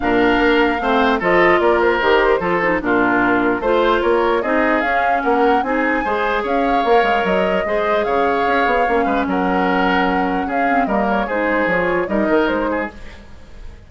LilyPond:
<<
  \new Staff \with { instrumentName = "flute" } { \time 4/4 \tempo 4 = 149 f''2. dis''4 | d''8 c''2~ c''8 ais'4~ | ais'4 c''4 cis''4 dis''4 | f''4 fis''4 gis''2 |
f''2 dis''2 | f''2. fis''4~ | fis''2 f''4 dis''8 cis''8 | c''4 cis''4 dis''4 c''4 | }
  \new Staff \with { instrumentName = "oboe" } { \time 4/4 ais'2 c''4 a'4 | ais'2 a'4 f'4~ | f'4 c''4 ais'4 gis'4~ | gis'4 ais'4 gis'4 c''4 |
cis''2. c''4 | cis''2~ cis''8 b'8 ais'4~ | ais'2 gis'4 ais'4 | gis'2 ais'4. gis'8 | }
  \new Staff \with { instrumentName = "clarinet" } { \time 4/4 d'2 c'4 f'4~ | f'4 g'4 f'8 dis'8 d'4~ | d'4 f'2 dis'4 | cis'2 dis'4 gis'4~ |
gis'4 ais'2 gis'4~ | gis'2 cis'2~ | cis'2~ cis'8 c'8 ais4 | dis'4 f'4 dis'2 | }
  \new Staff \with { instrumentName = "bassoon" } { \time 4/4 ais,4 ais4 a4 f4 | ais4 dis4 f4 ais,4~ | ais,4 a4 ais4 c'4 | cis'4 ais4 c'4 gis4 |
cis'4 ais8 gis8 fis4 gis4 | cis4 cis'8 b8 ais8 gis8 fis4~ | fis2 cis'4 g4 | gis4 f4 g8 dis8 gis4 | }
>>